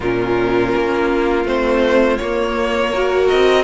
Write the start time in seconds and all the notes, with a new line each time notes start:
0.00 A#2 C#4 F4 A#4
0.75 A#3
1.44 A3 C4 C5
2.17 A#3 C#5
2.91 F#4 A#4
3.28 C4 D#5